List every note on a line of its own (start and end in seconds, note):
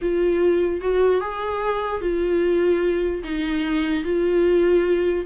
0.01 0.81 F4
0.81 1.20 F#4
1.20 2.01 G#4
2.01 3.22 F4
3.23 4.04 D#4
4.04 5.25 F4